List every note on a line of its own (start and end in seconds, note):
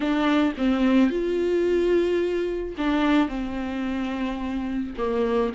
0.00 0.53 D4
0.57 1.10 C4
1.10 2.75 F4
2.77 3.28 D4
3.28 4.93 C4
4.97 5.52 A#3